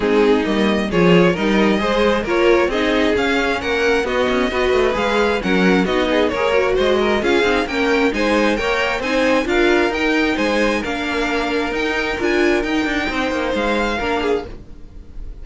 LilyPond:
<<
  \new Staff \with { instrumentName = "violin" } { \time 4/4 \tempo 4 = 133 gis'4 dis''4 cis''4 dis''4~ | dis''4 cis''4 dis''4 f''4 | fis''4 dis''2 f''4 | fis''4 dis''4 cis''4 dis''4 |
f''4 g''4 gis''4 g''4 | gis''4 f''4 g''4 gis''4 | f''2 g''4 gis''4 | g''2 f''2 | }
  \new Staff \with { instrumentName = "violin" } { \time 4/4 dis'2 gis'4 ais'4 | c''4 ais'4 gis'2 | ais'4 fis'4 b'2 | ais'4 fis'8 gis'8 ais'4 c''8 ais'8 |
gis'4 ais'4 c''4 cis''4 | c''4 ais'2 c''4 | ais'1~ | ais'4 c''2 ais'8 gis'8 | }
  \new Staff \with { instrumentName = "viola" } { \time 4/4 c'4 ais4 f'4 dis'4 | gis'4 f'4 dis'4 cis'4~ | cis'4 b4 fis'4 gis'4 | cis'4 dis'4 gis'8 fis'4. |
f'8 dis'8 cis'4 dis'4 ais'4 | dis'4 f'4 dis'2 | d'2 dis'4 f'4 | dis'2. d'4 | }
  \new Staff \with { instrumentName = "cello" } { \time 4/4 gis4 g4 f4 g4 | gis4 ais4 c'4 cis'4 | ais4 b8 cis'8 b8 a8 gis4 | fis4 b4 ais4 gis4 |
cis'8 c'8 ais4 gis4 ais4 | c'4 d'4 dis'4 gis4 | ais2 dis'4 d'4 | dis'8 d'8 c'8 ais8 gis4 ais4 | }
>>